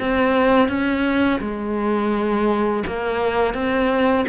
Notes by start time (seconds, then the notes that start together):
0.00 C4
0.69 C#4
1.41 G#3
2.87 A#3
3.54 C4